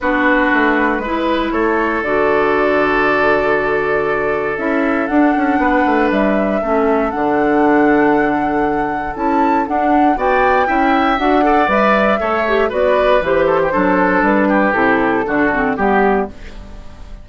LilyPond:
<<
  \new Staff \with { instrumentName = "flute" } { \time 4/4 \tempo 4 = 118 b'2. cis''4 | d''1~ | d''4 e''4 fis''2 | e''2 fis''2~ |
fis''2 a''4 fis''4 | g''2 fis''4 e''4~ | e''4 d''4 c''2 | b'4 a'2 g'4 | }
  \new Staff \with { instrumentName = "oboe" } { \time 4/4 fis'2 b'4 a'4~ | a'1~ | a'2. b'4~ | b'4 a'2.~ |
a'1 | d''4 e''4. d''4. | cis''4 b'4. a'16 g'16 a'4~ | a'8 g'4. fis'4 g'4 | }
  \new Staff \with { instrumentName = "clarinet" } { \time 4/4 d'2 e'2 | fis'1~ | fis'4 e'4 d'2~ | d'4 cis'4 d'2~ |
d'2 e'4 d'4 | fis'4 e'4 fis'8 a'8 b'4 | a'8 g'8 fis'4 g'4 d'4~ | d'4 e'4 d'8 c'8 b4 | }
  \new Staff \with { instrumentName = "bassoon" } { \time 4/4 b4 a4 gis4 a4 | d1~ | d4 cis'4 d'8 cis'8 b8 a8 | g4 a4 d2~ |
d2 cis'4 d'4 | b4 cis'4 d'4 g4 | a4 b4 e4 fis4 | g4 c4 d4 g4 | }
>>